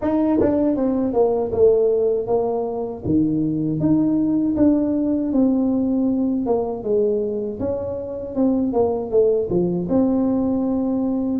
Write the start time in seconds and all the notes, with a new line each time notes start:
0.01 D#4
0.40 D4
0.76 C4
1.13 A#3
1.52 A3
2.26 A#3
3.04 D#3
3.79 D#4
4.56 D4
5.32 C4
6.46 A#3
6.83 G#3
7.59 C#4
8.35 C4
8.72 A#3
9.10 A3
9.49 F3
9.89 C4